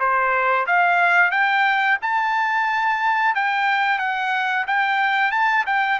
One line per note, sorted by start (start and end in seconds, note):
0.00 0.67 C5
0.67 1.31 F5
1.31 1.98 G5
2.02 3.35 A5
3.35 3.99 G5
3.99 4.65 F#5
4.67 5.32 G5
5.32 5.65 A5
5.66 6.00 G5